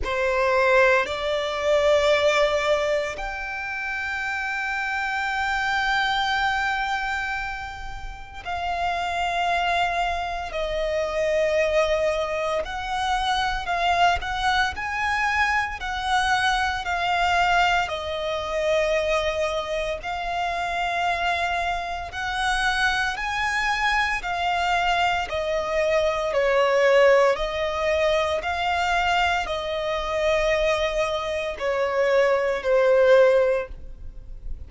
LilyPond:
\new Staff \with { instrumentName = "violin" } { \time 4/4 \tempo 4 = 57 c''4 d''2 g''4~ | g''1 | f''2 dis''2 | fis''4 f''8 fis''8 gis''4 fis''4 |
f''4 dis''2 f''4~ | f''4 fis''4 gis''4 f''4 | dis''4 cis''4 dis''4 f''4 | dis''2 cis''4 c''4 | }